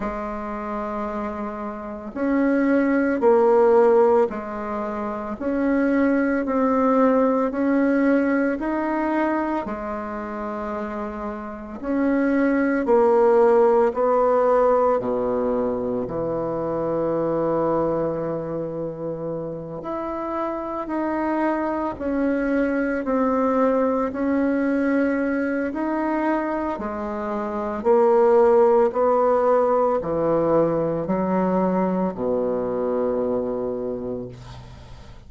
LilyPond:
\new Staff \with { instrumentName = "bassoon" } { \time 4/4 \tempo 4 = 56 gis2 cis'4 ais4 | gis4 cis'4 c'4 cis'4 | dis'4 gis2 cis'4 | ais4 b4 b,4 e4~ |
e2~ e8 e'4 dis'8~ | dis'8 cis'4 c'4 cis'4. | dis'4 gis4 ais4 b4 | e4 fis4 b,2 | }